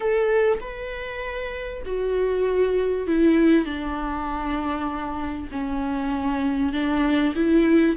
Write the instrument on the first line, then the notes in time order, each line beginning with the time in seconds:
viola
0.00 A4
0.60 B4
1.85 F#4
3.07 E4
3.65 D4
5.51 C#4
6.72 D4
7.35 E4